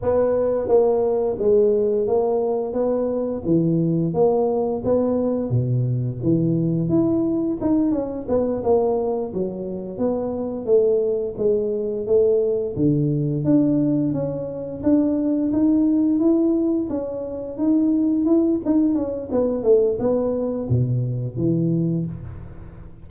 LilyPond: \new Staff \with { instrumentName = "tuba" } { \time 4/4 \tempo 4 = 87 b4 ais4 gis4 ais4 | b4 e4 ais4 b4 | b,4 e4 e'4 dis'8 cis'8 | b8 ais4 fis4 b4 a8~ |
a8 gis4 a4 d4 d'8~ | d'8 cis'4 d'4 dis'4 e'8~ | e'8 cis'4 dis'4 e'8 dis'8 cis'8 | b8 a8 b4 b,4 e4 | }